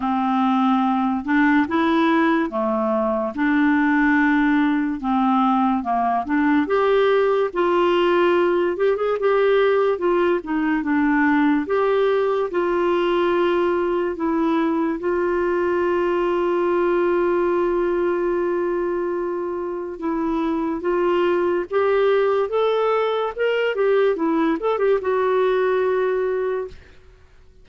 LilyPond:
\new Staff \with { instrumentName = "clarinet" } { \time 4/4 \tempo 4 = 72 c'4. d'8 e'4 a4 | d'2 c'4 ais8 d'8 | g'4 f'4. g'16 gis'16 g'4 | f'8 dis'8 d'4 g'4 f'4~ |
f'4 e'4 f'2~ | f'1 | e'4 f'4 g'4 a'4 | ais'8 g'8 e'8 a'16 g'16 fis'2 | }